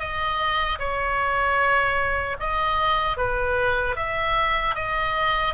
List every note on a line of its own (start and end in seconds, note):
0.00 0.79 D#5
0.79 2.37 C#5
2.40 3.17 D#5
3.17 3.96 B4
3.96 4.75 E5
4.75 5.54 D#5